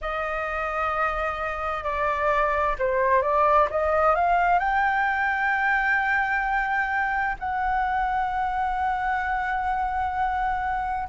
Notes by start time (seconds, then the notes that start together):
0.01 D#5
1.83 D5
2.78 C5
3.22 D5
3.70 D#5
4.15 F5
4.59 G5
7.39 F#5